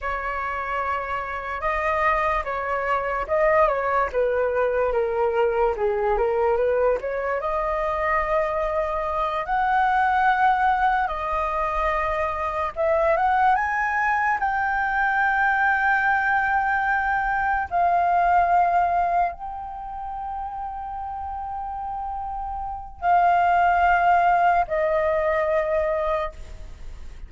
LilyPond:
\new Staff \with { instrumentName = "flute" } { \time 4/4 \tempo 4 = 73 cis''2 dis''4 cis''4 | dis''8 cis''8 b'4 ais'4 gis'8 ais'8 | b'8 cis''8 dis''2~ dis''8 fis''8~ | fis''4. dis''2 e''8 |
fis''8 gis''4 g''2~ g''8~ | g''4. f''2 g''8~ | g''1 | f''2 dis''2 | }